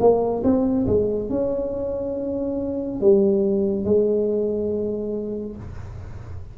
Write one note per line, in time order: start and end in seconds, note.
0.00 0.43 A#3
0.44 0.86 C4
0.87 1.30 G#3
1.30 3.01 C#4
3.01 3.85 G3
3.85 5.56 G#3